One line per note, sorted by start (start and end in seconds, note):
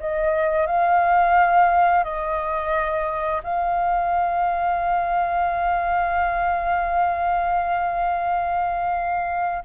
0.00 0.67 D#5
0.67 2.04 F5
2.04 3.42 D#5
3.44 9.64 F5